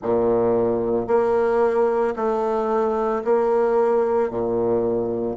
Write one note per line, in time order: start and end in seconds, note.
0.02 1.07 A#2
1.07 2.14 A#3
2.15 3.22 A3
3.24 4.30 A#3
4.30 5.36 A#2